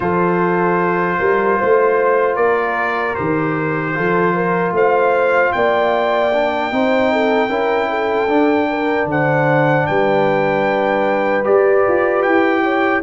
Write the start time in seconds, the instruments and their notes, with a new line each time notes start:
0.00 tuba F3, trombone F4, horn A4, trumpet C5
1.19 tuba G3, horn A#4
1.57 tuba A3, horn C5
2.36 tuba A#3, horn A#4, trumpet D5
3.14 tuba D#3, trombone G4, trumpet C5
3.94 tuba F3, trombone F4, horn A4
4.34 horn A#4
4.71 tuba A3, horn C5, trumpet F5
5.52 tuba A#3, horn D5, trumpet G5
6.32 trombone D4
6.71 tuba C4, trombone D#4, horn C5
7.12 horn A4
7.48 tuba C#4, trombone E4, horn A#4
7.89 horn A4
8.27 tuba D4, trombone D4
8.69 horn A#4
9.05 tuba D3, horn C5, trumpet F#5
9.86 tuba G3, horn B4, trumpet G5
11.44 trombone G4, tuba G4, trumpet D5
11.87 tuba F4
12.22 tuba E4, trumpet G5
12.63 horn C#5